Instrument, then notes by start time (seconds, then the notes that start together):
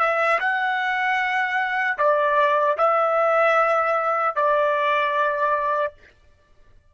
trumpet
0.00 E5
0.40 F#5
1.98 D5
2.78 E5
4.36 D5